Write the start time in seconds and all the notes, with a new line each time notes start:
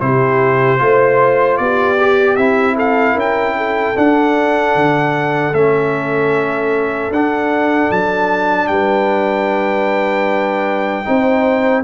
0.00 C3 E4 G4 C5
0.79 A3 F4 C5
1.58 B3 G4 D5
2.01 G4
2.36 C4 E4 E5
2.76 A4 F5
3.14 C#4 A#4
3.20 G5
3.57 A4
3.96 D4 F#5
4.76 D3
5.53 A3 C#4 E5
7.11 D4 F#5
7.91 F#3 A5
8.68 G3 B4 G5
11.05 C4 D#4 C5